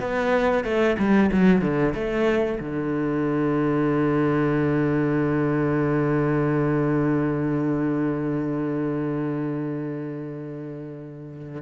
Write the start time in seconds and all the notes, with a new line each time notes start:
0.00 B3
0.64 A3
0.98 G3
1.32 F#3
1.61 D3
1.94 A3
2.60 D3